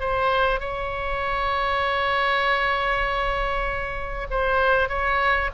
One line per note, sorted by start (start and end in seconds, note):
0.00 0.60 C5
0.60 4.27 C#5
4.31 4.89 C5
4.89 5.50 C#5